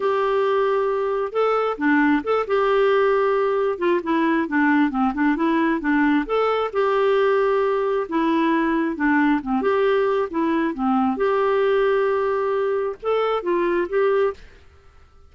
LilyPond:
\new Staff \with { instrumentName = "clarinet" } { \time 4/4 \tempo 4 = 134 g'2. a'4 | d'4 a'8 g'2~ g'8~ | g'8 f'8 e'4 d'4 c'8 d'8 | e'4 d'4 a'4 g'4~ |
g'2 e'2 | d'4 c'8 g'4. e'4 | c'4 g'2.~ | g'4 a'4 f'4 g'4 | }